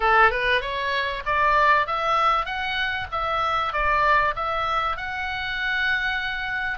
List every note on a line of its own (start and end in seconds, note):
0.00 0.30 A4
0.30 0.61 B4
0.61 1.23 C#5
1.25 1.87 D5
1.87 2.45 E5
2.45 3.07 F#5
3.11 3.72 E5
3.72 4.34 D5
4.35 4.97 E5
4.97 6.78 F#5